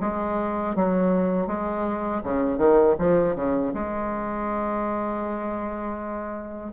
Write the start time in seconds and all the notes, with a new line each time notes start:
0.00 G#3
0.75 F#3
1.47 G#3
2.23 C#3
2.57 D#3
2.98 F3
3.35 C#3
3.73 G#3